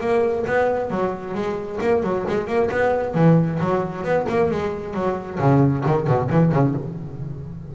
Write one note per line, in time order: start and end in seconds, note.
0.00 0.45 A#3
0.46 0.90 B3
0.90 1.34 F#3
1.34 1.79 G#3
1.81 2.02 A#3
2.02 2.25 F#3
2.27 2.47 G#3
2.47 2.69 A#3
2.70 3.14 B3
3.14 3.59 E3
3.60 4.03 F#3
4.03 4.26 B3
4.29 4.51 A#3
4.51 4.94 G#3
4.94 5.38 F#3
5.39 5.84 C#3
5.86 6.07 D#3
6.07 6.29 B2
6.30 6.51 E3
6.51 6.74 C#3